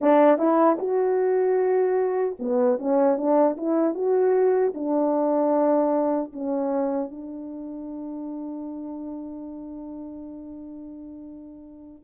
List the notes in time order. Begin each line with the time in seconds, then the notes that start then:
0.01 D4
0.37 E4
0.78 F#4
2.39 B3
2.78 C#4
3.17 D4
3.57 E4
3.94 F#4
4.74 D4
6.32 C#4
7.11 D4